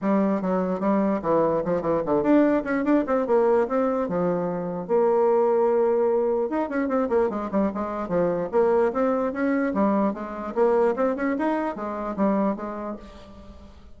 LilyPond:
\new Staff \with { instrumentName = "bassoon" } { \time 4/4 \tempo 4 = 148 g4 fis4 g4 e4 | f8 e8 d8 d'4 cis'8 d'8 c'8 | ais4 c'4 f2 | ais1 |
dis'8 cis'8 c'8 ais8 gis8 g8 gis4 | f4 ais4 c'4 cis'4 | g4 gis4 ais4 c'8 cis'8 | dis'4 gis4 g4 gis4 | }